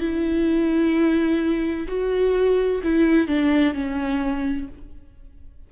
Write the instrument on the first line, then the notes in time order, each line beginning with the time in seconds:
viola
0.00 E4
1.88 F#4
2.83 E4
3.28 D4
3.74 C#4